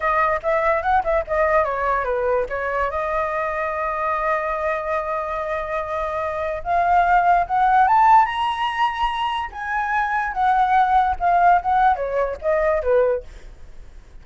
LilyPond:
\new Staff \with { instrumentName = "flute" } { \time 4/4 \tempo 4 = 145 dis''4 e''4 fis''8 e''8 dis''4 | cis''4 b'4 cis''4 dis''4~ | dis''1~ | dis''1 |
f''2 fis''4 a''4 | ais''2. gis''4~ | gis''4 fis''2 f''4 | fis''4 cis''4 dis''4 b'4 | }